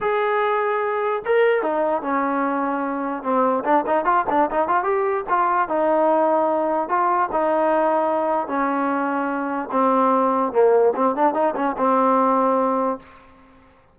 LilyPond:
\new Staff \with { instrumentName = "trombone" } { \time 4/4 \tempo 4 = 148 gis'2. ais'4 | dis'4 cis'2. | c'4 d'8 dis'8 f'8 d'8 dis'8 f'8 | g'4 f'4 dis'2~ |
dis'4 f'4 dis'2~ | dis'4 cis'2. | c'2 ais4 c'8 d'8 | dis'8 cis'8 c'2. | }